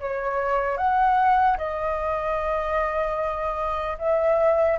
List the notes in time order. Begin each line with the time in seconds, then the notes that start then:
0.00 C#5
0.77 F#5
1.57 D#5
3.99 E5